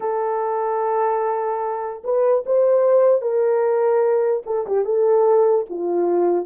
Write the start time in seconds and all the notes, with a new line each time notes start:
0.00 A4
2.03 B4
2.46 C5
3.21 A#4
4.46 A4
4.66 G4
4.84 A4
5.69 F4